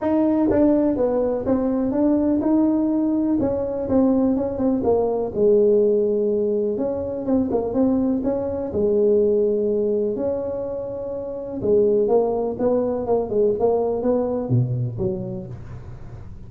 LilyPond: \new Staff \with { instrumentName = "tuba" } { \time 4/4 \tempo 4 = 124 dis'4 d'4 b4 c'4 | d'4 dis'2 cis'4 | c'4 cis'8 c'8 ais4 gis4~ | gis2 cis'4 c'8 ais8 |
c'4 cis'4 gis2~ | gis4 cis'2. | gis4 ais4 b4 ais8 gis8 | ais4 b4 b,4 fis4 | }